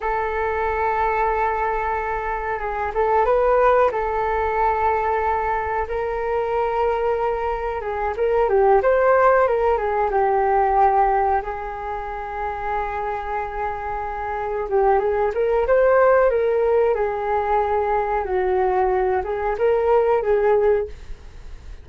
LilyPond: \new Staff \with { instrumentName = "flute" } { \time 4/4 \tempo 4 = 92 a'1 | gis'8 a'8 b'4 a'2~ | a'4 ais'2. | gis'8 ais'8 g'8 c''4 ais'8 gis'8 g'8~ |
g'4. gis'2~ gis'8~ | gis'2~ gis'8 g'8 gis'8 ais'8 | c''4 ais'4 gis'2 | fis'4. gis'8 ais'4 gis'4 | }